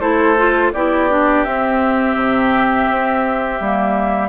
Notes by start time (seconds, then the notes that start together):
0.00 A3 E4 A4 C5
0.37 F4
0.73 B3 E4 G4 D5
1.10 D4
1.44 C4 E5
2.15 C3
2.90 C4
3.60 G3 A#3